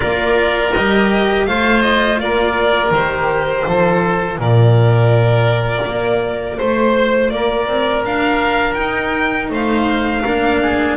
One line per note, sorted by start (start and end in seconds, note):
0.00 0.76 A#3
0.00 0.71 F4
0.00 1.46 A#4
0.00 0.73 D5
0.73 1.47 G3
0.73 1.47 G4
0.73 1.46 D#5
1.46 2.20 A3
1.46 2.93 F4
1.46 2.21 C5
1.46 1.81 F5
1.81 2.18 D#5
2.20 2.90 A#3
2.20 3.67 A#4
2.20 2.92 D5
2.90 3.63 D#3
2.90 3.67 G4
2.90 4.38 C5
3.66 4.38 F3
3.66 8.76 F4
3.66 4.39 A4
4.38 5.84 A#2
4.38 6.57 A#4
4.38 6.58 D5
5.85 6.58 A#3
6.57 7.30 A3
6.57 7.30 C5
6.57 7.29 C5
7.29 7.67 A#3
7.29 9.51 A#4
7.29 8.03 D5
7.67 8.03 C4
8.04 8.77 D4
8.04 8.73 F5
8.73 10.22 D#4
8.73 9.49 D#4
8.73 9.46 G5
9.49 10.22 A3
9.49 10.23 C5
9.49 10.97 F5
10.23 10.97 A#3
10.23 10.97 D4
10.23 10.59 A#4
10.62 10.97 G#4